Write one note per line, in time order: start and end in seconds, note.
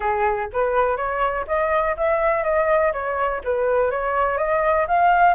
0.00 0.49 G#4
0.53 0.96 B4
0.96 1.45 C#5
1.47 1.96 D#5
1.96 2.43 E5
2.43 2.92 D#5
2.92 3.41 C#5
3.43 3.90 B4
3.90 4.37 C#5
4.37 4.86 D#5
4.87 5.34 F5